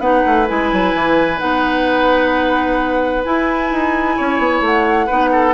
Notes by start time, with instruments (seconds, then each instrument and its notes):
0.00 bassoon B3, clarinet D#4, oboe B4, flute F#5
0.27 bassoon A3
0.47 bassoon G#3, clarinet E4, flute G#5
0.73 bassoon F#3
0.95 bassoon E3
1.39 bassoon B3, clarinet D#4, flute F#5
3.24 clarinet E4, bassoon E4, flute G#5
3.72 bassoon D#4
4.17 bassoon C#4, oboe C#5
4.39 bassoon B3
4.61 bassoon A3, flute F#5
5.07 bassoon B3, clarinet D#4, oboe B4
5.32 oboe A4